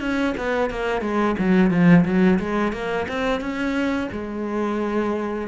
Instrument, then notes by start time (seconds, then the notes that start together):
cello
0.00 C#4
0.37 B3
0.70 A#3
1.01 G#3
1.39 F#3
1.70 F3
2.05 F#3
2.39 G#3
2.72 A#3
3.08 C4
3.41 C#4
4.12 G#3